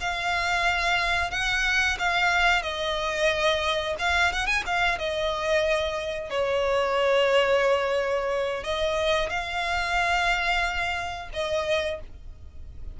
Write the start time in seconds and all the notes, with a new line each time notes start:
0.00 F5
1.31 F#5
1.99 F5
2.62 D#5
3.99 F5
4.32 F#5
4.46 G#5
4.66 F5
4.98 D#5
6.30 C#5
8.64 D#5
9.29 F5
11.33 D#5